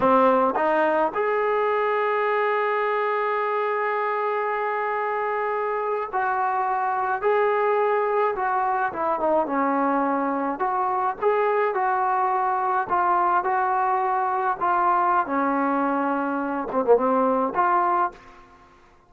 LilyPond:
\new Staff \with { instrumentName = "trombone" } { \time 4/4 \tempo 4 = 106 c'4 dis'4 gis'2~ | gis'1~ | gis'2~ gis'8. fis'4~ fis'16~ | fis'8. gis'2 fis'4 e'16~ |
e'16 dis'8 cis'2 fis'4 gis'16~ | gis'8. fis'2 f'4 fis'16~ | fis'4.~ fis'16 f'4~ f'16 cis'4~ | cis'4. c'16 ais16 c'4 f'4 | }